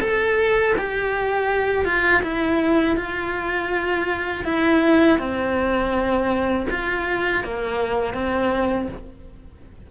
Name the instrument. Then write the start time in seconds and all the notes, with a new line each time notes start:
cello
0.00 A4
0.77 G4
1.85 F4
2.23 E4
2.97 F4
4.44 E4
5.18 C4
6.70 F4
7.44 A#3
8.13 C4